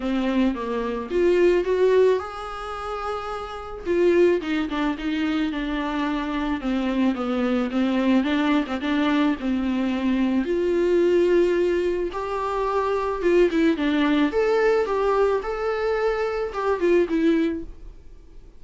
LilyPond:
\new Staff \with { instrumentName = "viola" } { \time 4/4 \tempo 4 = 109 c'4 ais4 f'4 fis'4 | gis'2. f'4 | dis'8 d'8 dis'4 d'2 | c'4 b4 c'4 d'8. c'16 |
d'4 c'2 f'4~ | f'2 g'2 | f'8 e'8 d'4 a'4 g'4 | a'2 g'8 f'8 e'4 | }